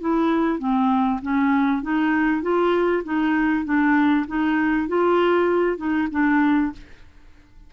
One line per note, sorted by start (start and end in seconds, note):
0.00 0.58 E4
0.58 1.20 C4
1.22 1.82 C#4
1.82 2.42 D#4
2.42 3.03 F4
3.04 3.65 D#4
3.65 4.26 D4
4.27 4.88 D#4
4.88 5.77 F4
5.77 6.08 D#4
6.11 6.72 D4